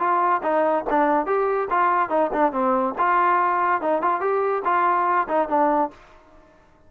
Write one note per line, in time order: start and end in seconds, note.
0.00 0.42 F4
0.43 0.85 D#4
0.90 1.27 D4
1.27 1.69 G4
1.71 2.10 F4
2.10 2.31 D#4
2.33 2.53 D4
2.53 2.95 C4
2.99 3.82 F4
3.82 4.02 D#4
4.02 4.21 F4
4.21 4.63 G4
4.65 5.28 F4
5.29 5.49 D#4
5.49 5.91 D4